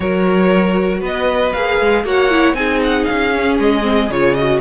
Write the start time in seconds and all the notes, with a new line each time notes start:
0.00 F#3 F#4 A#4 C#5
1.00 B3 B4 D#5
1.52 A#3 G#4 F5
1.80 G#3
2.04 A#3 F#4 C#5 F#5
2.31 E4
2.53 C4 D#4 G#4 G#5
2.83 F#5
3.05 C#4 F5
3.35 C#4
3.59 G#3 D#5
3.82 C4
4.09 C#3 F4 C#5
4.34 F#4 D#5